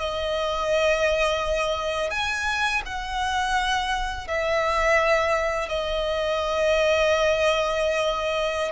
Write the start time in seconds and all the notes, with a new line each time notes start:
0.00 D#5
2.11 G#5
2.86 F#5
4.28 E5
5.69 D#5